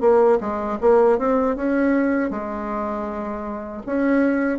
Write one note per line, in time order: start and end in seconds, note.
0.00 0.38 A#3
0.40 0.78 G#3
0.80 1.18 A#3
1.18 1.56 C4
1.56 2.30 C#4
2.30 3.82 G#3
3.86 4.58 C#4